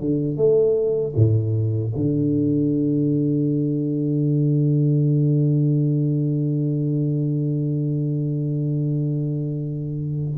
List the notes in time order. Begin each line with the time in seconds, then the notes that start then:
0.00 D3
0.36 A3
1.15 A2
1.95 D3